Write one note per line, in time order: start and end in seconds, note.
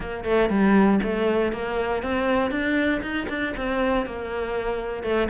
0.00 0.24 A#3
0.24 0.49 A3
0.49 1.00 G3
1.03 1.52 A3
1.52 2.02 A#3
2.02 2.50 C4
2.50 3.01 D4
3.02 3.27 D#4
3.28 3.53 D4
3.57 4.06 C4
4.06 5.03 A#3
5.03 5.28 A3